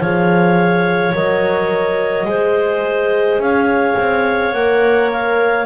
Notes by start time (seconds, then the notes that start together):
0.00 F3 G#4 C#5 F5
1.14 F#3 A#4 D#5
2.25 G#3 G#4 C5
3.38 C#4 F5
3.45 C#5
3.98 C4
4.53 A#3 A#4 F#5
5.12 F5